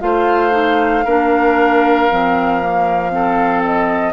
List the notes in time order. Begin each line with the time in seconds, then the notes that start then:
0.00 A3 F4 C5 F5
0.51 D#4
1.04 A#3 D4 A#4
2.10 F3 C4
2.61 A#3
3.10 C4 A4
3.64 D#5